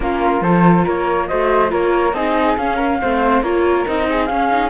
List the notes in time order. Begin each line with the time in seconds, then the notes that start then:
0.00 A#3 C#4 F4 A#4
0.41 F3 F4 A4 C5
0.83 A#3 A#4 C#5
1.27 A3 F#4 C5 D#5
1.68 A#3 F4 A#4 C#5
2.13 C4 D#4 G#4 D#5
2.57 C#4 F5
2.75 A#4
3.01 A3 C4 C5
3.41 A#3 F4 A#4 C#5
3.85 C4 D#4 D#5
4.09 G#4
4.26 C#4 F5
4.50 D#4